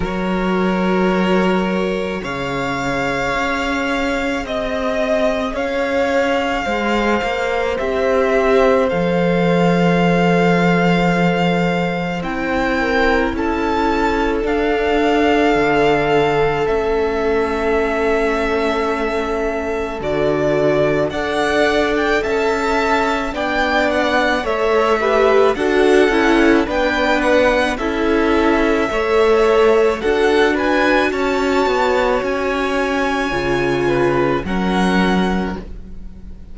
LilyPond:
<<
  \new Staff \with { instrumentName = "violin" } { \time 4/4 \tempo 4 = 54 cis''2 f''2 | dis''4 f''2 e''4 | f''2. g''4 | a''4 f''2 e''4~ |
e''2 d''4 fis''8. g''16 | a''4 g''8 fis''8 e''4 fis''4 | g''8 fis''8 e''2 fis''8 gis''8 | a''4 gis''2 fis''4 | }
  \new Staff \with { instrumentName = "violin" } { \time 4/4 ais'2 cis''2 | dis''4 cis''4 c''2~ | c''2.~ c''8 ais'8 | a'1~ |
a'2. d''4 | e''4 d''4 cis''8 b'8 a'4 | b'4 a'4 cis''4 a'8 b'8 | cis''2~ cis''8 b'8 ais'4 | }
  \new Staff \with { instrumentName = "viola" } { \time 4/4 fis'2 gis'2~ | gis'2. g'4 | a'2. e'4~ | e'4 d'2 cis'4~ |
cis'2 fis'4 a'4~ | a'4 d'4 a'8 g'8 fis'8 e'8 | d'4 e'4 a'4 fis'4~ | fis'2 f'4 cis'4 | }
  \new Staff \with { instrumentName = "cello" } { \time 4/4 fis2 cis4 cis'4 | c'4 cis'4 gis8 ais8 c'4 | f2. c'4 | cis'4 d'4 d4 a4~ |
a2 d4 d'4 | cis'4 b4 a4 d'8 cis'8 | b4 cis'4 a4 d'4 | cis'8 b8 cis'4 cis4 fis4 | }
>>